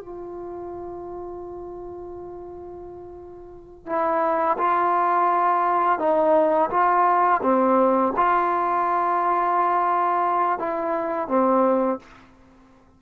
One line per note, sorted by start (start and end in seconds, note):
0.00 3.86 F4
3.86 4.57 E4
4.58 5.99 F4
5.99 6.70 D#4
6.71 7.41 F4
7.42 8.13 C4
8.17 10.59 F4
10.59 11.28 E4
11.28 11.99 C4